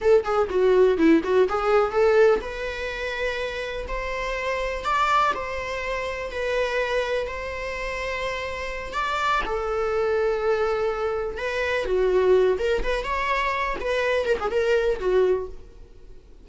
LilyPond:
\new Staff \with { instrumentName = "viola" } { \time 4/4 \tempo 4 = 124 a'8 gis'8 fis'4 e'8 fis'8 gis'4 | a'4 b'2. | c''2 d''4 c''4~ | c''4 b'2 c''4~ |
c''2~ c''8 d''4 a'8~ | a'2.~ a'8 b'8~ | b'8 fis'4. ais'8 b'8 cis''4~ | cis''8 b'4 ais'16 gis'16 ais'4 fis'4 | }